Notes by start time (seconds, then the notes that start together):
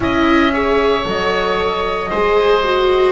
0.00 C#4 E4 D#5 E5
0.52 G#4 C#5
1.03 F#3 A4 D#5
2.10 G#3 G#4 C5
2.63 F#4